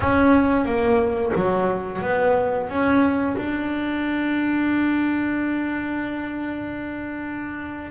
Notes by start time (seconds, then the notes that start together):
0.00 C#4
0.65 A#3
1.35 F#3
2.01 B3
2.69 C#4
3.36 D4